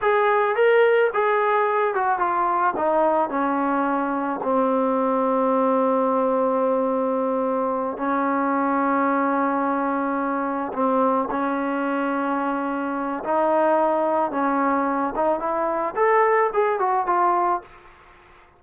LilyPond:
\new Staff \with { instrumentName = "trombone" } { \time 4/4 \tempo 4 = 109 gis'4 ais'4 gis'4. fis'8 | f'4 dis'4 cis'2 | c'1~ | c'2~ c'8 cis'4.~ |
cis'2.~ cis'8 c'8~ | c'8 cis'2.~ cis'8 | dis'2 cis'4. dis'8 | e'4 a'4 gis'8 fis'8 f'4 | }